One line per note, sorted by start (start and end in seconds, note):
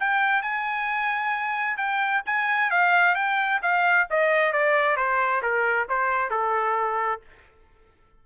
0.00 0.42 G5
0.42 1.77 G#5
1.77 2.22 G5
2.26 2.71 G#5
2.71 3.15 F5
3.15 3.61 G5
3.62 4.07 F5
4.10 4.52 D#5
4.52 4.96 D5
4.96 5.42 C5
5.42 5.88 A#4
5.89 6.30 C5
6.30 7.21 A4